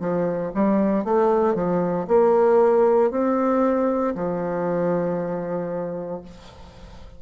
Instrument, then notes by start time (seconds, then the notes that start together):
bassoon
0.00 F3
0.55 G3
1.04 A3
1.55 F3
2.07 A#3
3.11 C4
4.15 F3